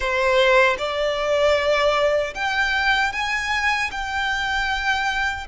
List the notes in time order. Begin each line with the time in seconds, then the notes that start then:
0.00 C5
0.78 D5
2.34 G5
3.12 G#5
3.91 G5